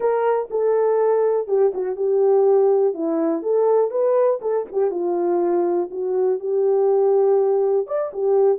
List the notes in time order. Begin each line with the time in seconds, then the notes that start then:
0.00 A#4
0.50 A4
1.47 G4
1.74 F#4
1.95 G4
2.94 E4
3.42 A4
3.91 B4
4.41 A4
4.71 G4
4.90 F4
5.91 F#4
6.39 G4
7.87 D5
8.13 G4